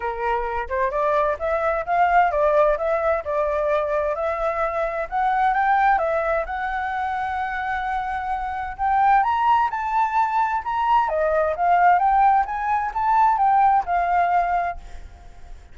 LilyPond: \new Staff \with { instrumentName = "flute" } { \time 4/4 \tempo 4 = 130 ais'4. c''8 d''4 e''4 | f''4 d''4 e''4 d''4~ | d''4 e''2 fis''4 | g''4 e''4 fis''2~ |
fis''2. g''4 | ais''4 a''2 ais''4 | dis''4 f''4 g''4 gis''4 | a''4 g''4 f''2 | }